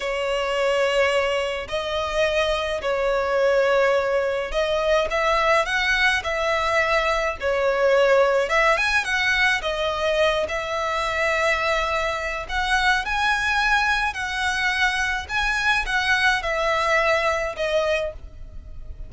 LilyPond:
\new Staff \with { instrumentName = "violin" } { \time 4/4 \tempo 4 = 106 cis''2. dis''4~ | dis''4 cis''2. | dis''4 e''4 fis''4 e''4~ | e''4 cis''2 e''8 gis''8 |
fis''4 dis''4. e''4.~ | e''2 fis''4 gis''4~ | gis''4 fis''2 gis''4 | fis''4 e''2 dis''4 | }